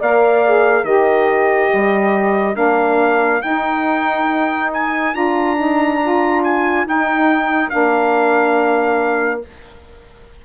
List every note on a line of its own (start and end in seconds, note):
0.00 0.83 A#3
0.00 0.45 A#4
0.00 0.86 D5
0.00 0.84 F5
0.45 0.84 G#4
0.83 1.69 D#3
0.83 2.54 G4
0.83 9.43 A#4
0.83 2.56 D#5
1.73 2.56 G3
2.54 3.41 A#3
2.54 3.39 D4
2.54 3.42 F5
3.42 5.13 D#4
3.42 5.14 D#4
3.42 4.71 G5
4.73 5.15 G#5
5.13 6.86 D4
5.13 5.56 F4
5.13 6.43 A#5
5.56 5.99 D#4
6.02 6.86 F4
6.44 6.86 G#5
6.86 7.70 D#4
6.86 7.71 D#4
6.86 7.70 G5
7.70 9.45 A#3
7.70 9.41 D4
7.70 9.41 F5